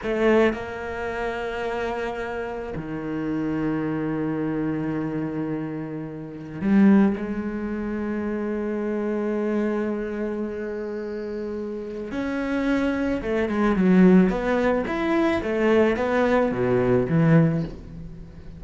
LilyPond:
\new Staff \with { instrumentName = "cello" } { \time 4/4 \tempo 4 = 109 a4 ais2.~ | ais4 dis2.~ | dis1 | g4 gis2.~ |
gis1~ | gis2 cis'2 | a8 gis8 fis4 b4 e'4 | a4 b4 b,4 e4 | }